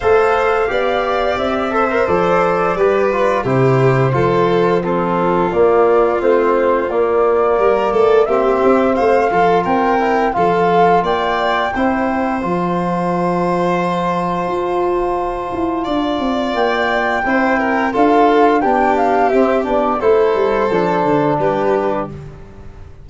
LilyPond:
<<
  \new Staff \with { instrumentName = "flute" } { \time 4/4 \tempo 4 = 87 f''2 e''4 d''4~ | d''4 c''2 a'4 | d''4 c''4 d''2 | e''4 f''4 g''4 f''4 |
g''2 a''2~ | a''1 | g''2 f''4 g''8 f''8 | e''8 d''8 c''2 b'4 | }
  \new Staff \with { instrumentName = "violin" } { \time 4/4 c''4 d''4. c''4. | b'4 g'4 a'4 f'4~ | f'2. ais'8 a'8 | g'4 c''8 a'8 ais'4 a'4 |
d''4 c''2.~ | c''2. d''4~ | d''4 c''8 ais'8 a'4 g'4~ | g'4 a'2 g'4 | }
  \new Staff \with { instrumentName = "trombone" } { \time 4/4 a'4 g'4. a'16 ais'16 a'4 | g'8 f'8 e'4 f'4 c'4 | ais4 c'4 ais2 | c'4. f'4 e'8 f'4~ |
f'4 e'4 f'2~ | f'1~ | f'4 e'4 f'4 d'4 | c'8 d'8 e'4 d'2 | }
  \new Staff \with { instrumentName = "tuba" } { \time 4/4 a4 b4 c'4 f4 | g4 c4 f2 | ais4 a4 ais4 g8 a8 | ais8 c'8 a8 f8 c'4 f4 |
ais4 c'4 f2~ | f4 f'4. e'8 d'8 c'8 | ais4 c'4 d'4 b4 | c'8 b8 a8 g8 f8 d8 g4 | }
>>